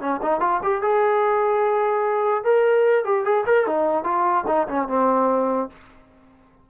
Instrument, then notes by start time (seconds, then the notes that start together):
trombone
0.00 C#4
0.22 D#4
0.40 F4
0.62 G4
0.81 G#4
2.44 A#4
3.04 G4
3.24 G#4
3.46 A#4
3.66 D#4
4.03 F4
4.47 D#4
4.68 C#4
4.88 C4